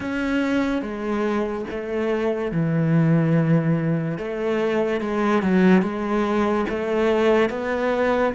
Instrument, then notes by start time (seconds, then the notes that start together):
cello
0.00 C#4
0.81 G#3
1.70 A3
2.51 E3
4.17 A3
5.00 G#3
5.42 F#3
5.81 G#3
6.69 A3
7.49 B3